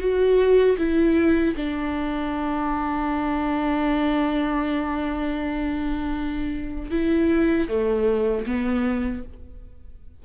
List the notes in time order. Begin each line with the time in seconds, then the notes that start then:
0.00 F#4
0.78 E4
1.56 D4
6.91 E4
7.69 A3
8.46 B3